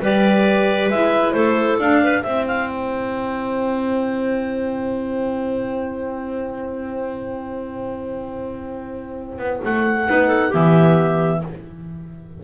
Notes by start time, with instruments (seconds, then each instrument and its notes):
0.00 double bass G3, saxophone G4, clarinet B4 D5
0.89 double bass G#3, saxophone E4, clarinet E5
1.32 double bass A3, clarinet A4 C5
1.79 double bass D4, saxophone D4, clarinet F5
2.04 clarinet B4
2.22 double bass C4, saxophone E4, clarinet C5 E5
2.48 clarinet F5
2.69 clarinet G5
9.39 double bass B3
9.65 double bass A3, clarinet F#5
10.07 double bass B3, saxophone D#4, clarinet B4
10.28 clarinet A4
10.50 double bass E3, saxophone B3, clarinet G4 E5